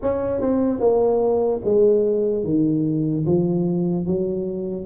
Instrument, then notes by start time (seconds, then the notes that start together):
tuba
0.01 C#4
0.41 C4
0.80 A#3
1.64 G#3
2.44 D#3
3.26 F3
4.06 F#3